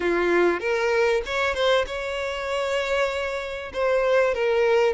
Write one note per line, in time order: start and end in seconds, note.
0.00 0.60 F4
0.60 1.22 A#4
1.25 1.54 C#5
1.54 1.85 C5
1.86 3.71 C#5
3.73 4.34 C5
4.34 4.93 A#4